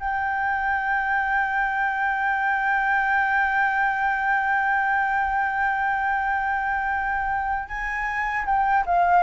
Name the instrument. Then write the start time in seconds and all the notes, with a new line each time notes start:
flute
0.00 G5
7.69 G#5
8.46 G5
8.86 F5